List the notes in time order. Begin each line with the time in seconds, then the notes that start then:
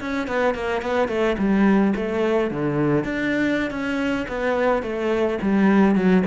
0.00 C#4
0.27 B3
0.54 A#3
0.82 B3
1.08 A3
1.38 G3
1.96 A3
2.50 D3
3.04 D4
3.70 C#4
4.28 B3
4.82 A3
5.42 G3
5.95 F#3